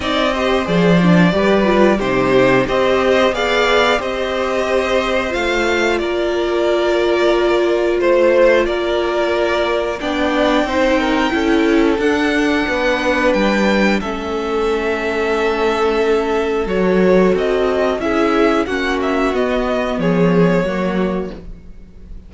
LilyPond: <<
  \new Staff \with { instrumentName = "violin" } { \time 4/4 \tempo 4 = 90 dis''4 d''2 c''4 | dis''4 f''4 dis''2 | f''4 d''2. | c''4 d''2 g''4~ |
g''2 fis''2 | g''4 e''2.~ | e''4 cis''4 dis''4 e''4 | fis''8 e''8 dis''4 cis''2 | }
  \new Staff \with { instrumentName = "violin" } { \time 4/4 d''8 c''4. b'4 g'4 | c''4 d''4 c''2~ | c''4 ais'2. | c''4 ais'2 d''4 |
c''8 ais'8 a'2 b'4~ | b'4 a'2.~ | a'2. gis'4 | fis'2 gis'4 fis'4 | }
  \new Staff \with { instrumentName = "viola" } { \time 4/4 dis'8 g'8 gis'8 d'8 g'8 f'8 dis'4 | g'4 gis'4 g'2 | f'1~ | f'2. d'4 |
dis'4 e'4 d'2~ | d'4 cis'2.~ | cis'4 fis'2 e'4 | cis'4 b2 ais4 | }
  \new Staff \with { instrumentName = "cello" } { \time 4/4 c'4 f4 g4 c4 | c'4 b4 c'2 | a4 ais2. | a4 ais2 b4 |
c'4 cis'4 d'4 b4 | g4 a2.~ | a4 fis4 c'4 cis'4 | ais4 b4 f4 fis4 | }
>>